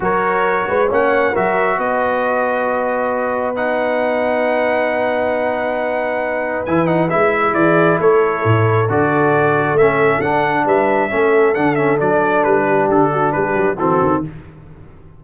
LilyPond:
<<
  \new Staff \with { instrumentName = "trumpet" } { \time 4/4 \tempo 4 = 135 cis''2 fis''4 e''4 | dis''1 | fis''1~ | fis''2. gis''8 fis''8 |
e''4 d''4 cis''2 | d''2 e''4 fis''4 | e''2 fis''8 e''8 d''4 | b'4 a'4 b'4 a'4 | }
  \new Staff \with { instrumentName = "horn" } { \time 4/4 ais'4. b'8 cis''4 ais'4 | b'1~ | b'1~ | b'1~ |
b'4 gis'4 a'2~ | a'1 | b'4 a'2.~ | a'8 g'4 fis'8 g'4 fis'4 | }
  \new Staff \with { instrumentName = "trombone" } { \time 4/4 fis'2 cis'4 fis'4~ | fis'1 | dis'1~ | dis'2. e'8 dis'8 |
e'1 | fis'2 cis'4 d'4~ | d'4 cis'4 d'8 cis'8 d'4~ | d'2. c'4 | }
  \new Staff \with { instrumentName = "tuba" } { \time 4/4 fis4. gis8 ais4 fis4 | b1~ | b1~ | b2. e4 |
gis4 e4 a4 a,4 | d2 a4 d'4 | g4 a4 d4 fis4 | g4 d4 g8 fis8 e8 dis8 | }
>>